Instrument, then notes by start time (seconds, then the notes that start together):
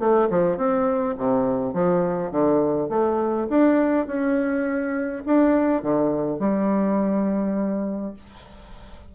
bassoon
0.00 A3
0.30 F3
0.57 C4
1.18 C3
1.74 F3
2.31 D3
2.89 A3
3.50 D4
4.07 C#4
5.26 D4
5.83 D3
6.39 G3